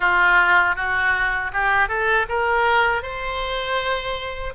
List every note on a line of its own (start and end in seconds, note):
0.00 0.75 F4
0.75 1.51 F#4
1.52 1.88 G4
1.88 2.26 A4
2.28 3.02 A#4
3.02 4.54 C5